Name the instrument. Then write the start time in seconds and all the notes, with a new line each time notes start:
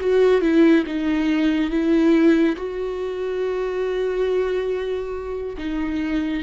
viola
0.00 F#4
0.41 E4
0.86 D#4
1.70 E4
2.56 F#4
5.58 D#4